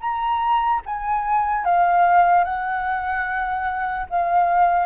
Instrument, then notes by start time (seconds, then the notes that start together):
flute
0.00 A#5
0.86 G#5
1.65 F5
2.44 F#5
4.09 F5